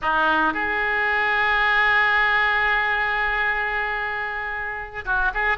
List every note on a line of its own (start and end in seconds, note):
0.01 0.53 D#4
0.53 5.04 G#4
5.05 5.31 F#4
5.34 5.57 G#4